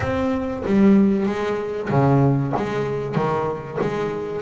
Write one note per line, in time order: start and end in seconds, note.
0.00 0.63 C4
0.65 1.25 G3
1.25 1.89 G#3
1.90 2.53 C#3
2.56 3.15 G#3
3.15 3.78 D#3
3.80 4.41 G#3